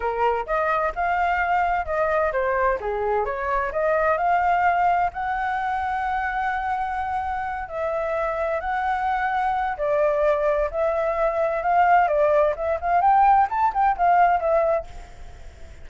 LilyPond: \new Staff \with { instrumentName = "flute" } { \time 4/4 \tempo 4 = 129 ais'4 dis''4 f''2 | dis''4 c''4 gis'4 cis''4 | dis''4 f''2 fis''4~ | fis''1~ |
fis''8 e''2 fis''4.~ | fis''4 d''2 e''4~ | e''4 f''4 d''4 e''8 f''8 | g''4 a''8 g''8 f''4 e''4 | }